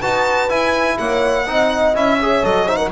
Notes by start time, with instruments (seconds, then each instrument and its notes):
0.00 double bass D#4, trombone F#4, horn B4, violin A5
0.49 trombone E4, double bass E4, violin G#5
0.99 double bass A#3, horn C#5, violin F#5
1.45 double bass C4, trombone D#4, horn D#5
1.95 double bass C#4, trombone E4, violin E5
2.20 trombone G#4, horn C#5
2.43 double bass F#3, trombone A4, violin D#5
2.66 trombone D#4, horn C5, violin E5
2.77 horn A#4, violin F#5